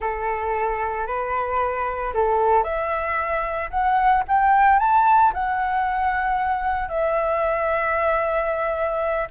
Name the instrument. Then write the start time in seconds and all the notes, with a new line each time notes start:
flute
0.00 A4
1.06 B4
2.14 A4
2.63 E5
3.70 F#5
4.27 G5
4.79 A5
5.33 F#5
6.89 E5